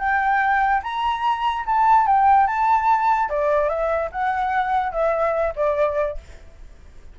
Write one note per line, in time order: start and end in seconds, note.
0.00 0.82 G5
0.83 1.66 A#5
1.66 2.07 A5
2.07 2.48 G5
2.48 3.30 A5
3.30 3.69 D5
3.69 4.11 E5
4.12 4.93 F#5
4.93 5.54 E5
5.56 6.18 D5